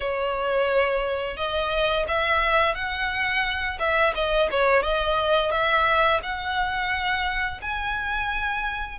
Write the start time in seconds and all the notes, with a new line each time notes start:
0.00 C#5
1.36 D#5
2.08 E5
2.74 F#5
3.79 E5
4.14 D#5
4.50 C#5
4.82 D#5
5.51 E5
6.23 F#5
7.61 G#5